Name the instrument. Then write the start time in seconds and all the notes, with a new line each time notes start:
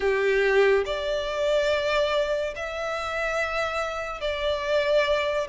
violin
0.00 G4
0.85 D5
2.55 E5
4.21 D5